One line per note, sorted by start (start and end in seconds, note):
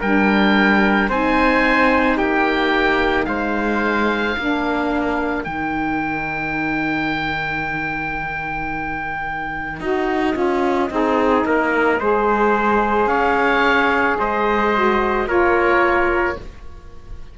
0.00 1.09 G3
0.00 1.10 D4
0.00 1.09 A#4
0.00 1.10 G5
1.09 2.17 C4
1.09 4.38 D#4
1.09 2.17 C5
1.09 2.18 G#5
2.17 3.27 A#3
2.17 3.26 G4
2.17 3.25 G5
3.25 4.36 G#3
3.25 4.37 C5
3.25 5.43 F5
4.37 5.46 A#3
4.37 5.45 D4
4.37 10.92 A#4
5.44 9.80 D#3
5.44 9.80 D#4
5.44 9.80 G5
9.80 10.35 D#4
9.80 10.34 F#4
9.80 13.07 D#5
10.34 10.90 C#4
10.34 10.88 F4
10.89 11.45 C4
10.89 11.98 D#4
10.89 11.46 G#4
11.45 12.00 A#3
11.45 12.00 A#4
12.00 13.06 G#3
12.00 14.74 G#4
12.00 13.09 C5
13.06 14.15 C#4
13.06 14.18 C#5
13.06 14.16 F5
14.19 15.27 G#3
14.19 15.28 C5
14.19 15.29 D#5
14.75 15.27 F#4
15.27 16.36 A#3
15.27 16.36 F4
15.27 16.37 A#4
15.27 16.38 C#5